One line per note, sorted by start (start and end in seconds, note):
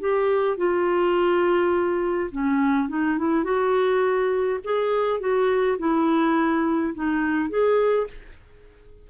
0.00 0.57 G4
0.57 2.30 F4
2.31 2.89 C#4
2.89 3.18 D#4
3.18 3.44 E4
3.44 4.59 F#4
4.64 5.20 G#4
5.20 5.78 F#4
5.78 6.94 E4
6.94 7.49 D#4
7.49 8.07 G#4